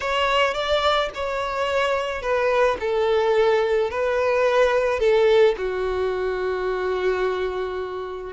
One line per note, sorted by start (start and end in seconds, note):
0.00 0.54 C#5
0.54 1.09 D5
1.14 2.21 C#5
2.21 2.77 B4
2.80 3.90 A4
3.90 4.99 B4
4.99 5.55 A4
5.57 8.33 F#4